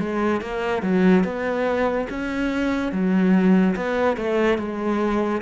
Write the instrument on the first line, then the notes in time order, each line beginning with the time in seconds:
cello
0.00 G#3
0.41 A#3
0.83 F#3
1.24 B3
2.10 C#4
2.92 F#3
3.77 B3
4.17 A3
4.58 G#3